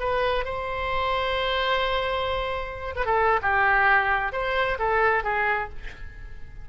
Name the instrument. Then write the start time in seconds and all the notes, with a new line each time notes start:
oboe
0.00 B4
0.45 C5
2.96 B4
3.06 A4
3.42 G4
4.33 C5
4.79 A4
5.24 G#4